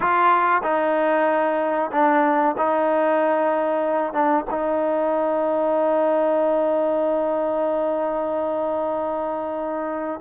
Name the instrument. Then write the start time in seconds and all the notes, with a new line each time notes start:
trombone
0.00 F4
0.63 D#4
1.91 D4
2.57 D#4
4.13 D4
4.50 D#4